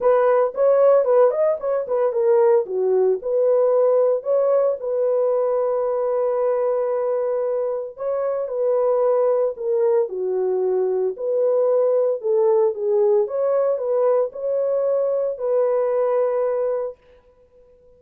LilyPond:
\new Staff \with { instrumentName = "horn" } { \time 4/4 \tempo 4 = 113 b'4 cis''4 b'8 dis''8 cis''8 b'8 | ais'4 fis'4 b'2 | cis''4 b'2.~ | b'2. cis''4 |
b'2 ais'4 fis'4~ | fis'4 b'2 a'4 | gis'4 cis''4 b'4 cis''4~ | cis''4 b'2. | }